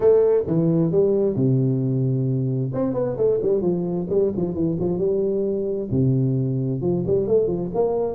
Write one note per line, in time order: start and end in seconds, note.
0.00 0.43 A3
0.46 0.91 E3
0.91 1.35 G3
1.35 2.72 C3
2.73 2.93 C4
2.93 3.16 B3
3.17 3.40 A3
3.42 3.61 G3
3.61 4.07 F3
4.09 4.32 G3
4.36 4.54 F3
4.54 4.77 E3
4.79 4.98 F3
4.98 5.88 G3
5.90 6.81 C3
6.81 7.03 F3
7.06 7.27 G3
7.27 7.47 A3
7.47 7.69 F3
7.74 8.14 A#3